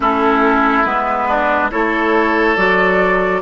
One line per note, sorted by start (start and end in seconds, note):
0.00 0.85 A3
0.00 0.84 C#4
0.00 1.27 E4
0.00 0.84 A4
0.84 1.71 G#3
0.84 1.70 B3
0.84 1.70 B4
1.27 1.70 D4
1.70 2.56 A3
1.70 2.56 E4
1.70 3.42 A4
1.70 2.56 C#5
2.56 3.42 F#3
2.56 3.42 F#4
2.56 3.42 D5